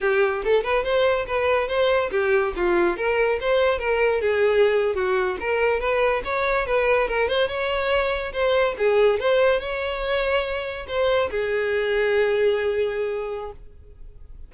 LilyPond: \new Staff \with { instrumentName = "violin" } { \time 4/4 \tempo 4 = 142 g'4 a'8 b'8 c''4 b'4 | c''4 g'4 f'4 ais'4 | c''4 ais'4 gis'4.~ gis'16 fis'16~ | fis'8. ais'4 b'4 cis''4 b'16~ |
b'8. ais'8 c''8 cis''2 c''16~ | c''8. gis'4 c''4 cis''4~ cis''16~ | cis''4.~ cis''16 c''4 gis'4~ gis'16~ | gis'1 | }